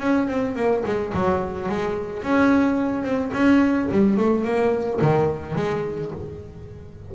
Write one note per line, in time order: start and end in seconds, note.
0.00 0.28 C#4
0.28 0.56 C4
0.56 0.83 A#3
0.86 1.13 G#3
1.14 1.69 F#3
1.69 2.23 G#3
2.23 3.04 C#4
3.04 3.31 C4
3.33 3.89 C#4
3.91 4.17 G3
4.17 4.44 A3
4.44 5.00 A#3
5.01 5.56 D#3
5.56 6.11 G#3